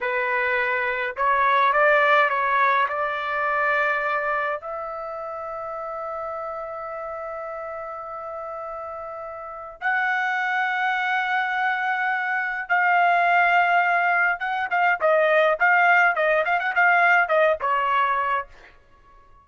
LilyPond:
\new Staff \with { instrumentName = "trumpet" } { \time 4/4 \tempo 4 = 104 b'2 cis''4 d''4 | cis''4 d''2. | e''1~ | e''1~ |
e''4 fis''2.~ | fis''2 f''2~ | f''4 fis''8 f''8 dis''4 f''4 | dis''8 f''16 fis''16 f''4 dis''8 cis''4. | }